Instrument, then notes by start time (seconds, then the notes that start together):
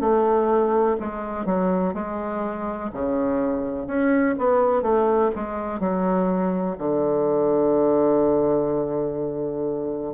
bassoon
0.00 A3
1.00 G#3
1.46 F#3
1.94 G#3
2.93 C#3
3.87 C#4
4.39 B3
4.82 A3
5.35 G#3
5.80 F#3
6.78 D3